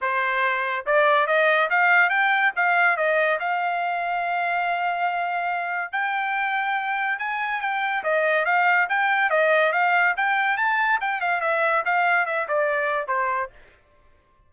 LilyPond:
\new Staff \with { instrumentName = "trumpet" } { \time 4/4 \tempo 4 = 142 c''2 d''4 dis''4 | f''4 g''4 f''4 dis''4 | f''1~ | f''2 g''2~ |
g''4 gis''4 g''4 dis''4 | f''4 g''4 dis''4 f''4 | g''4 a''4 g''8 f''8 e''4 | f''4 e''8 d''4. c''4 | }